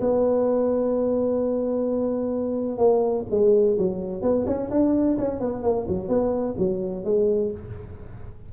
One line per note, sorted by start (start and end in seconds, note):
0.00 2.78 B3
2.78 3.25 A#3
3.30 3.77 G#3
3.78 4.22 F#3
4.22 4.45 B3
4.46 4.69 C#4
4.70 5.17 D4
5.18 5.39 C#4
5.39 5.62 B3
5.62 5.86 A#3
5.87 6.08 F#3
6.08 6.55 B3
6.58 7.04 F#3
7.04 7.51 G#3